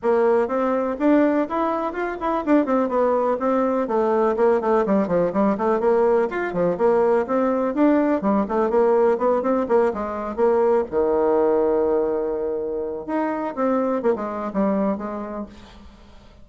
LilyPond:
\new Staff \with { instrumentName = "bassoon" } { \time 4/4 \tempo 4 = 124 ais4 c'4 d'4 e'4 | f'8 e'8 d'8 c'8 b4 c'4 | a4 ais8 a8 g8 f8 g8 a8 | ais4 f'8 f8 ais4 c'4 |
d'4 g8 a8 ais4 b8 c'8 | ais8 gis4 ais4 dis4.~ | dis2. dis'4 | c'4 ais16 gis8. g4 gis4 | }